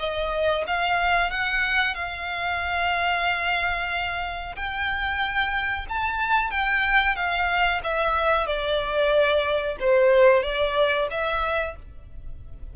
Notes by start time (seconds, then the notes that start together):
0.00 D#5
0.67 F5
1.31 F#5
1.95 F5
4.56 G5
5.90 A5
6.51 G5
7.17 F5
7.84 E5
8.47 D5
9.80 C5
10.43 D5
11.11 E5